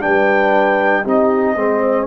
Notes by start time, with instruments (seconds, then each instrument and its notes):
0.00 tuba G3, trombone D4, horn B4, trumpet G5
1.02 tuba C4, trombone D#4, horn G4, trumpet D#5
1.55 tuba G#3, trombone C4, horn C5